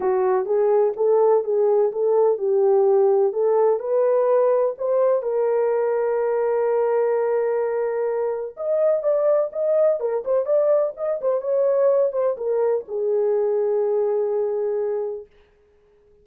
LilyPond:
\new Staff \with { instrumentName = "horn" } { \time 4/4 \tempo 4 = 126 fis'4 gis'4 a'4 gis'4 | a'4 g'2 a'4 | b'2 c''4 ais'4~ | ais'1~ |
ais'2 dis''4 d''4 | dis''4 ais'8 c''8 d''4 dis''8 c''8 | cis''4. c''8 ais'4 gis'4~ | gis'1 | }